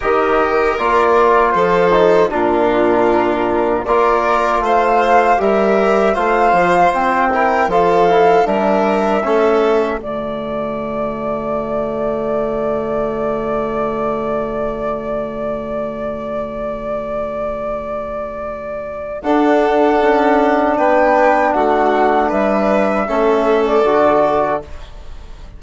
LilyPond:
<<
  \new Staff \with { instrumentName = "flute" } { \time 4/4 \tempo 4 = 78 dis''4 d''4 c''4 ais'4~ | ais'4 d''4 f''4 e''4 | f''4 g''4 f''4 e''4~ | e''4 d''2.~ |
d''1~ | d''1~ | d''4 fis''2 g''4 | fis''4 e''4.~ e''16 d''4~ d''16 | }
  \new Staff \with { instrumentName = "violin" } { \time 4/4 ais'2 a'4 f'4~ | f'4 ais'4 c''4 ais'4 | c''4. ais'8 a'4 ais'4 | a'4 fis'2.~ |
fis'1~ | fis'1~ | fis'4 a'2 b'4 | fis'4 b'4 a'2 | }
  \new Staff \with { instrumentName = "trombone" } { \time 4/4 g'4 f'4. dis'8 d'4~ | d'4 f'2 g'4 | f'4. e'8 f'8 e'8 d'4 | cis'4 a2.~ |
a1~ | a1~ | a4 d'2.~ | d'2 cis'4 fis'4 | }
  \new Staff \with { instrumentName = "bassoon" } { \time 4/4 dis4 ais4 f4 ais,4~ | ais,4 ais4 a4 g4 | a8 f8 c'4 f4 g4 | a4 d2.~ |
d1~ | d1~ | d4 d'4 cis'4 b4 | a4 g4 a4 d4 | }
>>